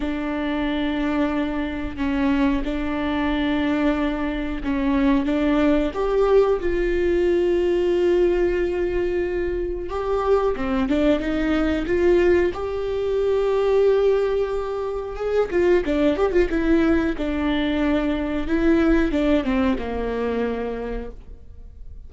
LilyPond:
\new Staff \with { instrumentName = "viola" } { \time 4/4 \tempo 4 = 91 d'2. cis'4 | d'2. cis'4 | d'4 g'4 f'2~ | f'2. g'4 |
c'8 d'8 dis'4 f'4 g'4~ | g'2. gis'8 f'8 | d'8 g'16 f'16 e'4 d'2 | e'4 d'8 c'8 ais2 | }